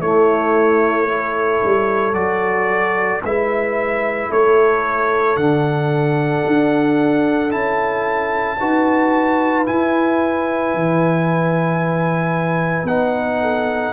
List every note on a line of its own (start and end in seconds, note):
0.00 1.61 A3
0.00 1.08 A3
0.00 1.08 E4
0.00 2.14 C#5
1.08 2.14 E4
1.08 3.25 A4
1.64 2.13 G3
2.13 3.20 F#3
2.13 3.21 F#4
2.13 3.21 D5
3.23 4.30 G#3
3.23 5.37 E4
3.23 4.29 B4
3.23 4.31 E5
4.29 5.36 A3
4.29 8.58 A4
4.29 5.36 C#5
5.36 6.43 D3
5.36 7.50 D4
5.36 7.51 F#5
6.46 7.53 D4
7.50 8.60 C#4
7.50 8.57 E4
7.50 9.65 A5
8.59 9.68 D#4
8.59 9.65 F#4
8.59 13.41 B4
9.65 12.86 E4
9.65 10.74 E4
9.65 12.87 G#5
10.74 12.84 E3
12.84 13.91 B3
12.84 13.93 D#4
12.84 13.93 F#5
13.41 13.93 A4